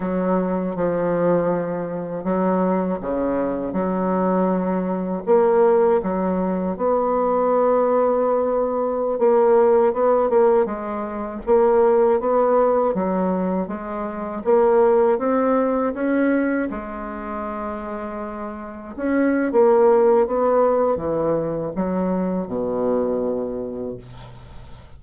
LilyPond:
\new Staff \with { instrumentName = "bassoon" } { \time 4/4 \tempo 4 = 80 fis4 f2 fis4 | cis4 fis2 ais4 | fis4 b2.~ | b16 ais4 b8 ais8 gis4 ais8.~ |
ais16 b4 fis4 gis4 ais8.~ | ais16 c'4 cis'4 gis4.~ gis16~ | gis4~ gis16 cis'8. ais4 b4 | e4 fis4 b,2 | }